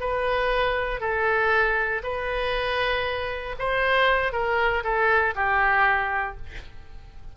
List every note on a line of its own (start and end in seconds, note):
0.00 1.00 B4
1.00 2.02 A4
2.03 3.56 B4
3.59 4.33 C5
4.33 4.84 A#4
4.84 5.35 A4
5.35 6.37 G4